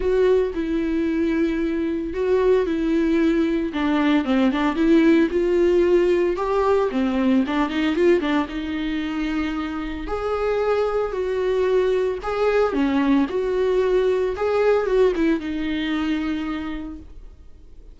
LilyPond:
\new Staff \with { instrumentName = "viola" } { \time 4/4 \tempo 4 = 113 fis'4 e'2. | fis'4 e'2 d'4 | c'8 d'8 e'4 f'2 | g'4 c'4 d'8 dis'8 f'8 d'8 |
dis'2. gis'4~ | gis'4 fis'2 gis'4 | cis'4 fis'2 gis'4 | fis'8 e'8 dis'2. | }